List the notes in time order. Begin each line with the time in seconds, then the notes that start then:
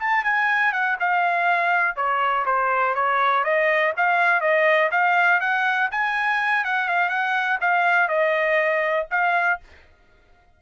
0.00 A5
0.24 G#5
0.72 F#5
1.00 F5
1.96 C#5
2.46 C5
2.95 C#5
3.44 D#5
3.97 F5
4.41 D#5
4.92 F5
5.40 F#5
5.91 G#5
6.64 F#5
6.89 F5
7.09 F#5
7.61 F5
8.08 D#5
9.11 F5